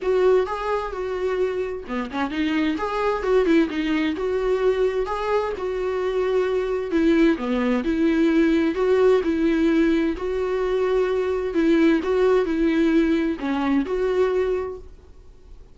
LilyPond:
\new Staff \with { instrumentName = "viola" } { \time 4/4 \tempo 4 = 130 fis'4 gis'4 fis'2 | b8 cis'8 dis'4 gis'4 fis'8 e'8 | dis'4 fis'2 gis'4 | fis'2. e'4 |
b4 e'2 fis'4 | e'2 fis'2~ | fis'4 e'4 fis'4 e'4~ | e'4 cis'4 fis'2 | }